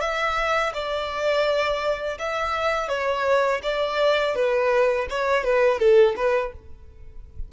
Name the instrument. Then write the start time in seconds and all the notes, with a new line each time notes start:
violin
0.00 E5
0.73 D5
2.18 E5
2.88 C#5
3.62 D5
4.35 B4
5.09 C#5
5.43 B4
5.79 A4
6.16 B4